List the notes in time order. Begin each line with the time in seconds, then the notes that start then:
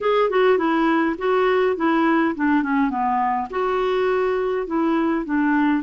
0.01 G#4
0.30 F#4
0.57 E4
1.18 F#4
1.76 E4
2.35 D4
2.62 C#4
2.89 B3
3.50 F#4
4.66 E4
5.25 D4